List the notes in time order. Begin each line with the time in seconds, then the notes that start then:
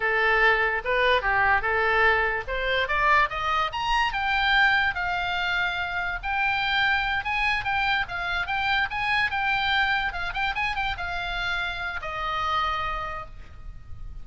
0.00 A4
0.84 B4
1.21 G4
1.61 A4
2.47 C5
2.88 D5
3.29 D#5
3.72 A#5
4.12 G5
4.94 F5
6.22 G5
7.24 G#5
7.64 G5
8.08 F5
8.47 G5
8.90 G#5
9.30 G5
10.12 F5
10.33 G5
10.55 G#5
10.75 G5
10.97 F5
12.01 D#5